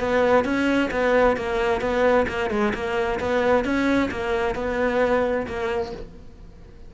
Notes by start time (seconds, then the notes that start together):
0.00 B3
0.45 C#4
0.91 B3
1.37 A#3
1.81 B3
2.29 A#3
2.51 G#3
2.74 A#3
3.20 B3
3.65 C#4
4.11 A#3
4.55 B3
5.47 A#3